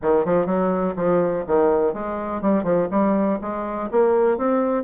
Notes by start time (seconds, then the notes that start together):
0.02 D#3
0.25 F3
0.46 F#3
0.95 F3
1.47 D#3
1.93 G#3
2.41 G3
2.63 F3
2.90 G3
3.41 G#3
3.91 A#3
4.37 C4